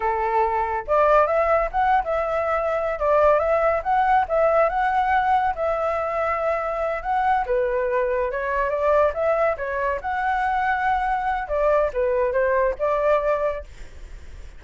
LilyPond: \new Staff \with { instrumentName = "flute" } { \time 4/4 \tempo 4 = 141 a'2 d''4 e''4 | fis''8. e''2~ e''16 d''4 | e''4 fis''4 e''4 fis''4~ | fis''4 e''2.~ |
e''8 fis''4 b'2 cis''8~ | cis''8 d''4 e''4 cis''4 fis''8~ | fis''2. d''4 | b'4 c''4 d''2 | }